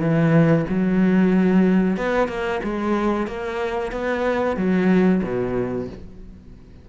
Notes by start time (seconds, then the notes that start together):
0.00 E3
0.69 F#3
1.97 B3
2.28 A#3
2.63 G#3
3.27 A#3
3.92 B3
4.56 F#3
5.23 B2